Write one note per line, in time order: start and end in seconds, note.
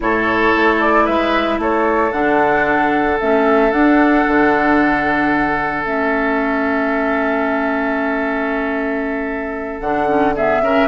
0.00 0.54 A2
0.00 2.11 E4
0.00 1.04 A4
0.00 0.80 C#5
0.56 1.08 A3
0.80 1.06 D5
1.04 1.58 G#3
1.04 1.58 B4
1.04 1.59 E5
1.58 2.11 A3
1.58 10.35 A4
1.58 2.12 C#5
2.12 3.18 D3
2.12 3.18 D4
2.12 3.18 F#5
3.19 3.72 A3
3.19 3.71 C#4
3.19 3.72 E5
3.71 5.84 D4
3.71 4.25 D4
3.71 5.83 F#5
4.27 5.84 D3
5.83 9.80 A3
5.83 9.83 C#4
5.83 9.81 E5
9.80 10.60 D3
9.80 10.07 D4
9.80 10.34 F#5
10.07 10.34 C#4
10.35 10.62 B3
10.35 10.62 G#4
10.35 10.88 E5
10.60 10.87 C#3
10.60 10.88 C#4
10.60 10.88 A#4